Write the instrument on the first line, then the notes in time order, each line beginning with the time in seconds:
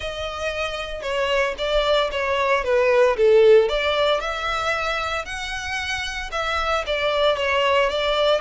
violin
0.00 D#5
1.02 C#5
1.58 D5
2.11 C#5
2.63 B4
3.17 A4
3.68 D5
4.20 E5
5.25 F#5
6.31 E5
6.86 D5
7.36 C#5
7.89 D5